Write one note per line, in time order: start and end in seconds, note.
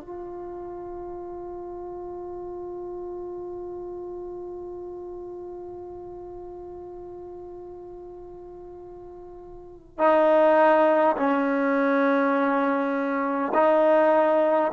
0.00 9.98 F4
9.98 11.16 D#4
11.17 13.52 C#4
13.53 14.71 D#4